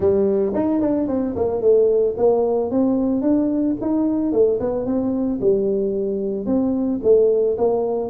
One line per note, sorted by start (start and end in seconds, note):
0.00 0.53 G3
0.54 0.80 D#4
0.80 1.07 D4
1.07 1.34 C4
1.35 1.61 A#3
1.61 2.15 A3
2.17 2.71 A#3
2.71 3.21 C4
3.21 3.75 D4
3.81 4.32 D#4
4.32 4.59 A3
4.60 4.85 B3
4.85 5.39 C4
5.40 6.46 G3
6.46 7.00 C4
7.03 7.57 A3
7.57 8.10 A#3